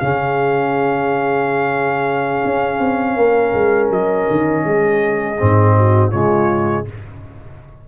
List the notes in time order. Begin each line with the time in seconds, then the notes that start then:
0.00 C#3 C#4 G#4 F5
2.45 C#4
2.79 C4
3.16 A#3 A#4
3.54 G#3
3.90 F#3 D#5
4.30 D#3
4.65 G#3 G#4
5.39 G#2 C4
5.77 F#4
6.11 C#3 G#3 F4 C#5